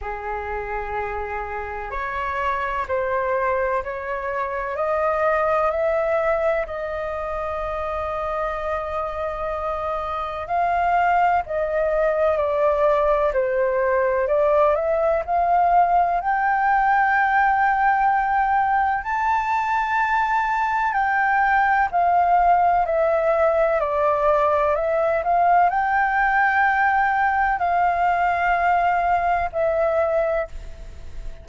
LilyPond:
\new Staff \with { instrumentName = "flute" } { \time 4/4 \tempo 4 = 63 gis'2 cis''4 c''4 | cis''4 dis''4 e''4 dis''4~ | dis''2. f''4 | dis''4 d''4 c''4 d''8 e''8 |
f''4 g''2. | a''2 g''4 f''4 | e''4 d''4 e''8 f''8 g''4~ | g''4 f''2 e''4 | }